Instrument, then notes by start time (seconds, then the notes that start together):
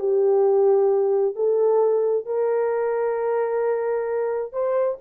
horn
0.00 G4
1.36 A4
2.26 A#4
4.53 C5